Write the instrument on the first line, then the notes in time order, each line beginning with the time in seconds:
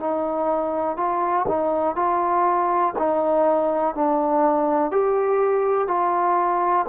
trombone
0.00 D#4
0.97 F4
1.48 D#4
1.96 F4
2.99 D#4
3.95 D4
4.91 G4
5.88 F4